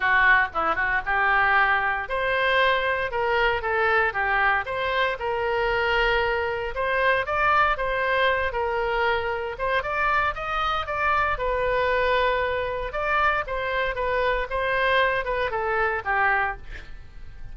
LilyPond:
\new Staff \with { instrumentName = "oboe" } { \time 4/4 \tempo 4 = 116 fis'4 e'8 fis'8 g'2 | c''2 ais'4 a'4 | g'4 c''4 ais'2~ | ais'4 c''4 d''4 c''4~ |
c''8 ais'2 c''8 d''4 | dis''4 d''4 b'2~ | b'4 d''4 c''4 b'4 | c''4. b'8 a'4 g'4 | }